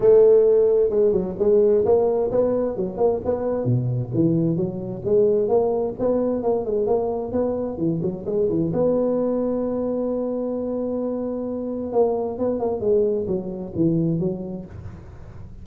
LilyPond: \new Staff \with { instrumentName = "tuba" } { \time 4/4 \tempo 4 = 131 a2 gis8 fis8 gis4 | ais4 b4 fis8 ais8 b4 | b,4 e4 fis4 gis4 | ais4 b4 ais8 gis8 ais4 |
b4 e8 fis8 gis8 e8 b4~ | b1~ | b2 ais4 b8 ais8 | gis4 fis4 e4 fis4 | }